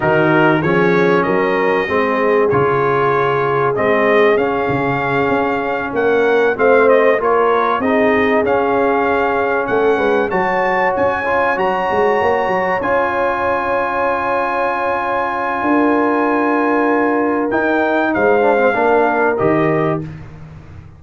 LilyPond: <<
  \new Staff \with { instrumentName = "trumpet" } { \time 4/4 \tempo 4 = 96 ais'4 cis''4 dis''2 | cis''2 dis''4 f''4~ | f''4. fis''4 f''8 dis''8 cis''8~ | cis''8 dis''4 f''2 fis''8~ |
fis''8 a''4 gis''4 ais''4.~ | ais''8 gis''2.~ gis''8~ | gis''1 | g''4 f''2 dis''4 | }
  \new Staff \with { instrumentName = "horn" } { \time 4/4 fis'4 gis'4 ais'4 gis'4~ | gis'1~ | gis'4. ais'4 c''4 ais'8~ | ais'8 gis'2. a'8 |
b'8 cis''2.~ cis''8~ | cis''1~ | cis''4 ais'2.~ | ais'4 c''4 ais'2 | }
  \new Staff \with { instrumentName = "trombone" } { \time 4/4 dis'4 cis'2 c'4 | f'2 c'4 cis'4~ | cis'2~ cis'8 c'4 f'8~ | f'8 dis'4 cis'2~ cis'8~ |
cis'8 fis'4. f'8 fis'4.~ | fis'8 f'2.~ f'8~ | f'1 | dis'4. d'16 c'16 d'4 g'4 | }
  \new Staff \with { instrumentName = "tuba" } { \time 4/4 dis4 f4 fis4 gis4 | cis2 gis4 cis'8 cis8~ | cis8 cis'4 ais4 a4 ais8~ | ais8 c'4 cis'2 a8 |
gis8 fis4 cis'4 fis8 gis8 ais8 | fis8 cis'2.~ cis'8~ | cis'4 d'2. | dis'4 gis4 ais4 dis4 | }
>>